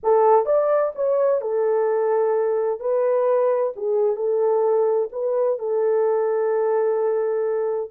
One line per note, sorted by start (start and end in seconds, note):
0.03 0.45 A4
0.45 0.92 D5
0.95 1.41 C#5
1.41 2.79 A4
2.79 3.73 B4
3.76 4.15 G#4
4.15 5.08 A4
5.12 5.58 B4
5.58 7.91 A4